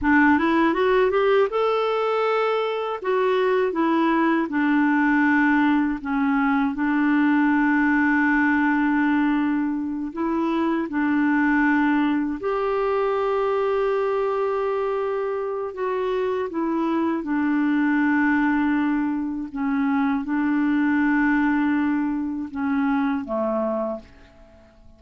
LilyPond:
\new Staff \with { instrumentName = "clarinet" } { \time 4/4 \tempo 4 = 80 d'8 e'8 fis'8 g'8 a'2 | fis'4 e'4 d'2 | cis'4 d'2.~ | d'4. e'4 d'4.~ |
d'8 g'2.~ g'8~ | g'4 fis'4 e'4 d'4~ | d'2 cis'4 d'4~ | d'2 cis'4 a4 | }